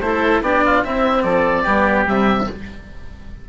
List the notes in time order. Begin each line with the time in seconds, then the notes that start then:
0.00 A3 E4 A4 C5
0.41 B3 D4 G4 D5
0.65 F4
0.84 C4 E4 E5
1.22 F3 A4 D5
1.62 G3 B3 G4
2.05 C3 G3 E5